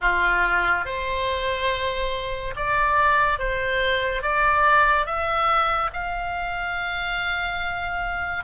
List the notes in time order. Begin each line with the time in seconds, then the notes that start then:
0.01 F4
0.85 C5
2.55 D5
3.38 C5
4.22 D5
5.06 E5
5.93 F5